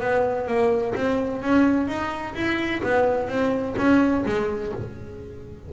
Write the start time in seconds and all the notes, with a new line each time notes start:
0.00 B3
0.47 A#3
0.95 C4
1.42 C#4
1.87 D#4
2.35 E4
2.83 B3
3.28 C4
3.77 C#4
4.25 G#3